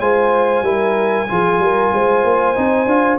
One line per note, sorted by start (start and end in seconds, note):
0.00 0.62 G#3
0.00 0.64 F4
0.00 0.64 C5
0.00 3.19 G#5
0.62 1.26 G3
0.62 1.28 E4
0.62 1.28 A#4
1.28 1.59 F3
1.28 2.55 F4
1.28 1.63 G#4
1.59 1.91 G3
1.59 1.94 A#4
1.93 2.24 G#3
1.93 3.19 C5
2.24 2.56 A#3
2.55 2.86 C4
2.55 2.87 D#4
2.86 3.18 D4
2.86 3.19 F4